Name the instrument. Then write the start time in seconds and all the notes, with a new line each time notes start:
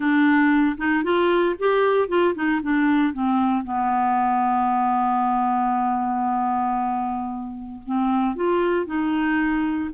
clarinet
0.00 D4
0.77 D#4
1.03 F4
1.59 G4
2.08 F4
2.35 D#4
2.62 D4
3.13 C4
3.64 B3
7.85 C4
8.35 F4
8.86 D#4